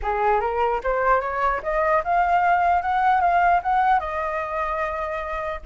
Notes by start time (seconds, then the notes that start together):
0.02 G#4
0.40 A#4
0.83 C5
1.20 C#5
1.62 D#5
2.03 F5
2.82 F#5
3.20 F5
3.62 F#5
3.99 D#5